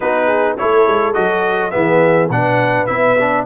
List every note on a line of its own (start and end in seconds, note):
0.00 0.59 B3
0.00 0.57 D#4
0.00 0.26 F#4
0.00 0.57 B4
0.26 0.55 G#4
0.57 0.87 A3
0.57 1.13 E4
0.57 1.74 A4
0.57 1.13 C#5
0.87 1.16 G#3
1.13 1.74 F#3
1.13 1.71 F#4
1.13 1.70 D#5
1.70 2.29 E3
1.70 2.29 B3
1.70 2.32 G#4
1.70 2.28 E5
2.29 2.87 B2
2.29 2.87 D4
2.29 3.46 B4
2.29 2.86 F#5
2.86 3.46 B3
2.86 3.16 E4
2.86 3.44 E5
3.19 3.46 D4